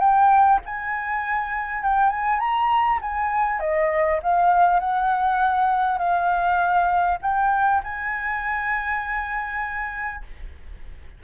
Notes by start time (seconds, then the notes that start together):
0.00 G5
0.66 G#5
1.84 G5
2.10 G#5
2.40 A#5
3.02 G#5
3.60 D#5
4.23 F5
4.80 F#5
5.99 F5
7.22 G5
7.84 G#5